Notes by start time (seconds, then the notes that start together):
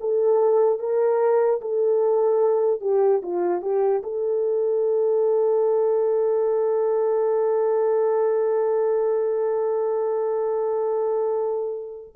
0.00 A4
0.79 A#4
1.61 A4
2.81 G4
3.22 F4
3.62 G4
4.03 A4